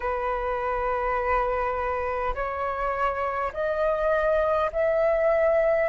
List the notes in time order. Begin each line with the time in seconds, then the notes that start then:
0.00 B4
2.34 C#5
3.53 D#5
4.72 E5